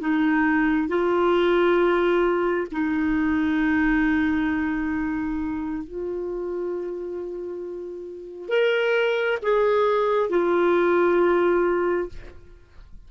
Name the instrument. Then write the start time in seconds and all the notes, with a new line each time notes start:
clarinet
0.00 D#4
0.88 F4
2.72 D#4
5.84 F4
8.49 A#4
9.42 G#4
10.30 F4